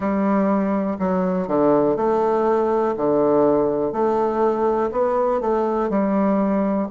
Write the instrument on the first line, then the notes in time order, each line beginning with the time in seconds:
bassoon
0.00 G3
0.99 F#3
1.47 D3
1.96 A3
2.96 D3
3.92 A3
4.91 B3
5.41 A3
5.89 G3